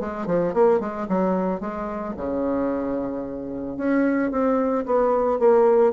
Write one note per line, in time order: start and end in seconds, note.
0.00 0.27 G#3
0.27 0.54 F3
0.54 0.80 A#3
0.80 1.07 G#3
1.08 1.60 F#3
1.60 2.14 G#3
2.17 3.77 C#3
3.77 4.31 C#4
4.31 4.85 C4
4.86 5.39 B3
5.39 5.93 A#3